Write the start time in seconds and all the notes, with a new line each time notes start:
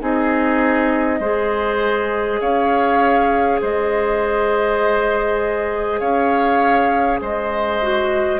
0.00 C4 D#4 G#4 D#5
1.20 G#3 G#4 C5
2.41 C#4 C#5 F5
3.61 G#3 C5 D#5
6.00 C#4 C#5 F5
7.21 G#3 C5 D#5
7.82 F#4